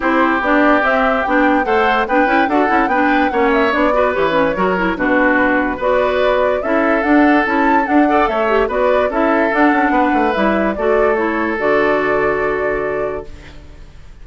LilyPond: <<
  \new Staff \with { instrumentName = "flute" } { \time 4/4 \tempo 4 = 145 c''4 d''4 e''4 g''4 | fis''4 g''4 fis''4 g''4 | fis''8 e''8 d''4 cis''2 | b'2 d''2 |
e''4 fis''4 a''4 fis''4 | e''4 d''4 e''4 fis''4~ | fis''4 e''4 d''4 cis''4 | d''1 | }
  \new Staff \with { instrumentName = "oboe" } { \time 4/4 g'1 | c''4 b'4 a'4 b'4 | cis''4. b'4. ais'4 | fis'2 b'2 |
a'2.~ a'8 d''8 | cis''4 b'4 a'2 | b'2 a'2~ | a'1 | }
  \new Staff \with { instrumentName = "clarinet" } { \time 4/4 e'4 d'4 c'4 d'4 | a'4 d'8 e'8 fis'8 e'8 d'4 | cis'4 d'8 fis'8 g'8 cis'8 fis'8 e'8 | d'2 fis'2 |
e'4 d'4 e'4 d'8 a'8~ | a'8 g'8 fis'4 e'4 d'4~ | d'4 e'4 fis'4 e'4 | fis'1 | }
  \new Staff \with { instrumentName = "bassoon" } { \time 4/4 c'4 b4 c'4 b4 | a4 b8 cis'8 d'8 cis'8 b4 | ais4 b4 e4 fis4 | b,2 b2 |
cis'4 d'4 cis'4 d'4 | a4 b4 cis'4 d'8 cis'8 | b8 a8 g4 a2 | d1 | }
>>